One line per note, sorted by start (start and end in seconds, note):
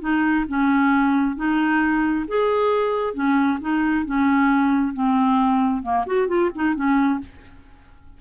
0.00 0.45 D#4
0.47 1.36 C#4
1.36 2.25 D#4
2.28 3.14 G#4
3.14 3.58 C#4
3.60 4.05 D#4
4.05 4.93 C#4
4.93 5.82 C4
5.82 6.04 A#3
6.06 6.27 F#4
6.27 6.50 F4
6.54 6.74 D#4
6.74 7.19 C#4